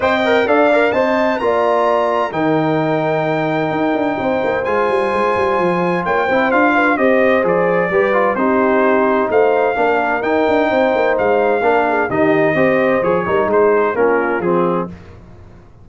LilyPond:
<<
  \new Staff \with { instrumentName = "trumpet" } { \time 4/4 \tempo 4 = 129 g''4 f''4 a''4 ais''4~ | ais''4 g''2.~ | g''2 gis''2~ | gis''4 g''4 f''4 dis''4 |
d''2 c''2 | f''2 g''2 | f''2 dis''2 | cis''4 c''4 ais'4 gis'4 | }
  \new Staff \with { instrumentName = "horn" } { \time 4/4 dis''4 d''4 dis''4 d''4~ | d''4 ais'2.~ | ais'4 c''2.~ | c''4 cis''8 c''4 b'8 c''4~ |
c''4 b'4 g'2 | c''4 ais'2 c''4~ | c''4 ais'8 gis'8 g'4 c''4~ | c''8 ais'8 gis'4 f'2 | }
  \new Staff \with { instrumentName = "trombone" } { \time 4/4 c''8 ais'8 a'8 ais'8 c''4 f'4~ | f'4 dis'2.~ | dis'2 f'2~ | f'4. e'8 f'4 g'4 |
gis'4 g'8 f'8 dis'2~ | dis'4 d'4 dis'2~ | dis'4 d'4 dis'4 g'4 | gis'8 dis'4. cis'4 c'4 | }
  \new Staff \with { instrumentName = "tuba" } { \time 4/4 c'4 d'4 c'4 ais4~ | ais4 dis2. | dis'8 d'8 c'8 ais8 gis8 g8 gis8 g8 | f4 ais8 c'8 d'4 c'4 |
f4 g4 c'2 | a4 ais4 dis'8 d'8 c'8 ais8 | gis4 ais4 dis4 c'4 | f8 g8 gis4 ais4 f4 | }
>>